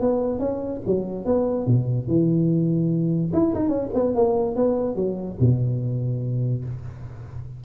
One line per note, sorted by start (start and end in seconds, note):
0.00 0.39 B3
0.39 0.81 C#4
0.86 1.25 F#3
1.25 1.66 B3
1.66 2.07 B2
2.07 3.32 E3
3.33 3.54 E4
3.54 3.68 D#4
3.68 3.89 C#4
3.94 4.14 B3
4.14 4.55 A#3
4.55 4.95 B3
4.95 5.37 F#3
5.40 6.64 B2